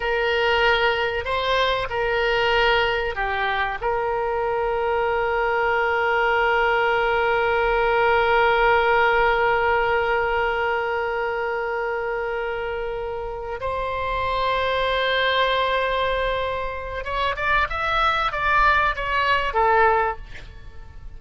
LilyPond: \new Staff \with { instrumentName = "oboe" } { \time 4/4 \tempo 4 = 95 ais'2 c''4 ais'4~ | ais'4 g'4 ais'2~ | ais'1~ | ais'1~ |
ais'1~ | ais'4. c''2~ c''8~ | c''2. cis''8 d''8 | e''4 d''4 cis''4 a'4 | }